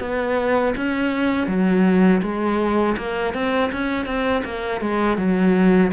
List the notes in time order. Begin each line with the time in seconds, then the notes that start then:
0.00 B3
0.77 C#4
1.47 F#3
2.22 G#3
2.97 A#3
3.34 C4
3.72 C#4
4.06 C4
4.44 A#3
4.81 G#3
5.17 F#3